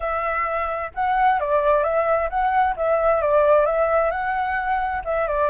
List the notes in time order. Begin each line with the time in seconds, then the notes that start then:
0.00 E5
0.94 F#5
1.39 D5
1.83 E5
2.29 F#5
2.76 E5
3.21 D5
3.65 E5
4.11 F#5
5.05 E5
5.27 D5